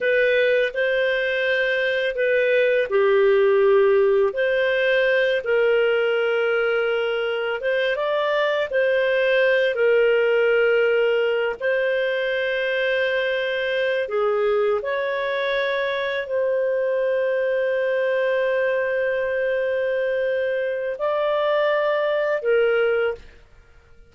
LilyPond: \new Staff \with { instrumentName = "clarinet" } { \time 4/4 \tempo 4 = 83 b'4 c''2 b'4 | g'2 c''4. ais'8~ | ais'2~ ais'8 c''8 d''4 | c''4. ais'2~ ais'8 |
c''2.~ c''8 gis'8~ | gis'8 cis''2 c''4.~ | c''1~ | c''4 d''2 ais'4 | }